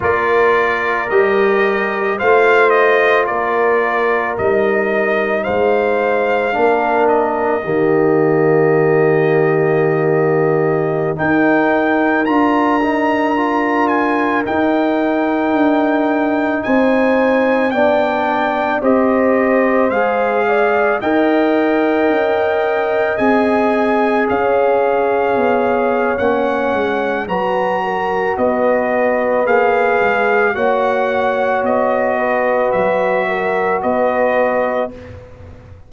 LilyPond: <<
  \new Staff \with { instrumentName = "trumpet" } { \time 4/4 \tempo 4 = 55 d''4 dis''4 f''8 dis''8 d''4 | dis''4 f''4. dis''4.~ | dis''2~ dis''16 g''4 ais''8.~ | ais''8. gis''8 g''2 gis''8.~ |
gis''16 g''4 dis''4 f''4 g''8.~ | g''4~ g''16 gis''4 f''4.~ f''16 | fis''4 ais''4 dis''4 f''4 | fis''4 dis''4 e''4 dis''4 | }
  \new Staff \with { instrumentName = "horn" } { \time 4/4 ais'2 c''4 ais'4~ | ais'4 c''4 ais'4 g'4~ | g'2~ g'16 ais'4.~ ais'16~ | ais'2.~ ais'16 c''8.~ |
c''16 d''4 c''4. d''8 dis''8.~ | dis''2~ dis''16 cis''4.~ cis''16~ | cis''4 b'8 ais'8 b'2 | cis''4. b'4 ais'8 b'4 | }
  \new Staff \with { instrumentName = "trombone" } { \time 4/4 f'4 g'4 f'2 | dis'2 d'4 ais4~ | ais2~ ais16 dis'4 f'8 dis'16~ | dis'16 f'4 dis'2~ dis'8.~ |
dis'16 d'4 g'4 gis'4 ais'8.~ | ais'4~ ais'16 gis'2~ gis'8. | cis'4 fis'2 gis'4 | fis'1 | }
  \new Staff \with { instrumentName = "tuba" } { \time 4/4 ais4 g4 a4 ais4 | g4 gis4 ais4 dis4~ | dis2~ dis16 dis'4 d'8.~ | d'4~ d'16 dis'4 d'4 c'8.~ |
c'16 b4 c'4 gis4 dis'8.~ | dis'16 cis'4 c'4 cis'4 b8. | ais8 gis8 fis4 b4 ais8 gis8 | ais4 b4 fis4 b4 | }
>>